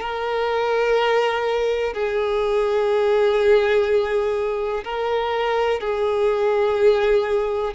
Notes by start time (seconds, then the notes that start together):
0.00 A#4
1.94 G#4
4.84 A#4
5.80 G#4